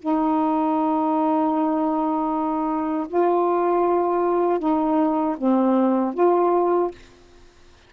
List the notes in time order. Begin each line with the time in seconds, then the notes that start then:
0.00 D#4
3.08 F4
4.60 D#4
5.38 C4
6.14 F4